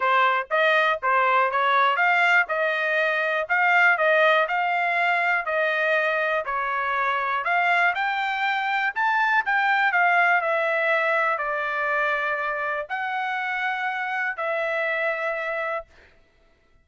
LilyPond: \new Staff \with { instrumentName = "trumpet" } { \time 4/4 \tempo 4 = 121 c''4 dis''4 c''4 cis''4 | f''4 dis''2 f''4 | dis''4 f''2 dis''4~ | dis''4 cis''2 f''4 |
g''2 a''4 g''4 | f''4 e''2 d''4~ | d''2 fis''2~ | fis''4 e''2. | }